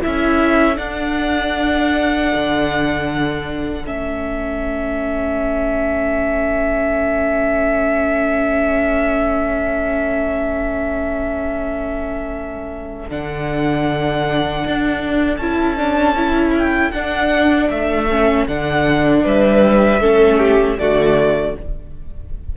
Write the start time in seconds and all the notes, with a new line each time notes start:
0.00 E4 A4 E5
0.07 C#4
0.76 D4 F#5
2.35 D3
3.86 A3 C#4 E5
13.09 D3 D4 F#5
14.67 D4
15.37 C#4 E4 A5
15.77 D4
16.17 E4
16.58 G5
16.92 D4 F#5
17.70 A3 E5
18.11 C#4
18.48 D3 D4 F#5
19.25 G3 B4 E5
20.01 A3 C#4 A4
20.39 G4
20.79 D3 A3 F#4 D5